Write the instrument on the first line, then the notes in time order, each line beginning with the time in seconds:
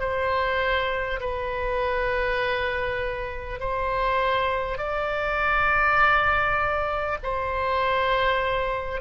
oboe
0.00 C5
1.21 B4
3.60 C5
4.78 D5
7.23 C5